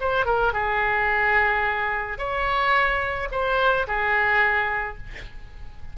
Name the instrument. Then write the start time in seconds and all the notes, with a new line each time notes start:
oboe
0.00 C5
0.25 A#4
0.53 G#4
2.18 C#5
3.31 C5
3.87 G#4